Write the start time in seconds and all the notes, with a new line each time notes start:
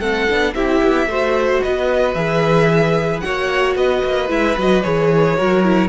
0.00 A3 C4 A4 F#5
0.29 B3 D4
0.54 C4 E4 G4 E5
0.83 B3
1.06 A3 F#4 C5
1.63 B3 B4 D#5
2.14 E3 G#4 E5
3.20 A#3 F#4 C#5 F#5
3.76 B3 B4 D#5
4.04 A#3
4.29 G#3 E4 E5
4.57 F#3 F#4 D#5
4.82 E3 G#4 C#5
5.37 F#3 F#4 A#4
5.64 E4